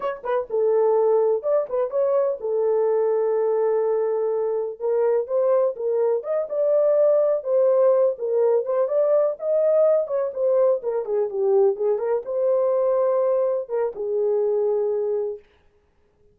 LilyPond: \new Staff \with { instrumentName = "horn" } { \time 4/4 \tempo 4 = 125 cis''8 b'8 a'2 d''8 b'8 | cis''4 a'2.~ | a'2 ais'4 c''4 | ais'4 dis''8 d''2 c''8~ |
c''4 ais'4 c''8 d''4 dis''8~ | dis''4 cis''8 c''4 ais'8 gis'8 g'8~ | g'8 gis'8 ais'8 c''2~ c''8~ | c''8 ais'8 gis'2. | }